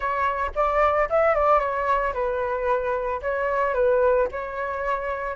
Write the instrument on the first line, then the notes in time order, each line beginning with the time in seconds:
flute
0.00 C#5
0.55 D5
1.09 E5
1.34 D5
1.59 C#5
2.13 B4
3.21 C#5
3.74 B4
4.31 C#5